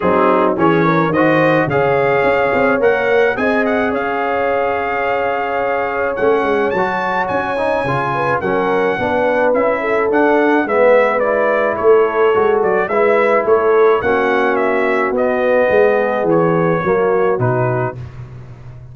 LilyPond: <<
  \new Staff \with { instrumentName = "trumpet" } { \time 4/4 \tempo 4 = 107 gis'4 cis''4 dis''4 f''4~ | f''4 fis''4 gis''8 fis''8 f''4~ | f''2. fis''4 | a''4 gis''2 fis''4~ |
fis''4 e''4 fis''4 e''4 | d''4 cis''4. d''8 e''4 | cis''4 fis''4 e''4 dis''4~ | dis''4 cis''2 b'4 | }
  \new Staff \with { instrumentName = "horn" } { \time 4/4 dis'4 gis'8 ais'8 c''4 cis''4~ | cis''2 dis''4 cis''4~ | cis''1~ | cis''2~ cis''8 b'8 ais'4 |
b'4. a'4. b'4~ | b'4 a'2 b'4 | a'4 fis'2. | gis'2 fis'2 | }
  \new Staff \with { instrumentName = "trombone" } { \time 4/4 c'4 cis'4 fis'4 gis'4~ | gis'4 ais'4 gis'2~ | gis'2. cis'4 | fis'4. dis'8 f'4 cis'4 |
d'4 e'4 d'4 b4 | e'2 fis'4 e'4~ | e'4 cis'2 b4~ | b2 ais4 dis'4 | }
  \new Staff \with { instrumentName = "tuba" } { \time 4/4 fis4 e4 dis4 cis4 | cis'8 c'8 ais4 c'4 cis'4~ | cis'2. a8 gis8 | fis4 cis'4 cis4 fis4 |
b4 cis'4 d'4 gis4~ | gis4 a4 gis8 fis8 gis4 | a4 ais2 b4 | gis4 e4 fis4 b,4 | }
>>